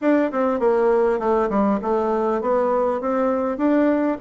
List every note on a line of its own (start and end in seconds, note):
0.01 0.31 D4
0.31 0.59 C4
0.59 1.19 A#3
1.19 1.49 A3
1.49 1.79 G3
1.82 2.41 A3
2.41 3.01 B3
3.01 3.57 C4
3.57 4.17 D4